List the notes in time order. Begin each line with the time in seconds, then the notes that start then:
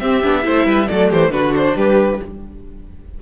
0.00 C4 G4 E5
0.24 B3 D4
0.43 A3 E4 C5
0.66 G3 B4
0.89 F#3 A3 A4 D5
1.10 E3 G4 C5
1.30 D3 D4 F#4 B4
1.57 C5
1.76 G3 G4 B4